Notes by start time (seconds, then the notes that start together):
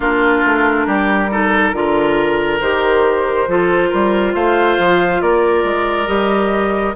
0.00 A#3 D4 F4 A#4
0.44 A3
0.87 G3 G4
1.31 D#4 A4
1.72 D3 F4 A#4
2.60 D#3 G4 C5
3.47 F3 F4 A4
3.89 G3 A#4
4.34 A3 C5 F5
4.78 F3
5.21 A#3 A#4 D5
5.63 G#3
6.07 G3 G4 D#5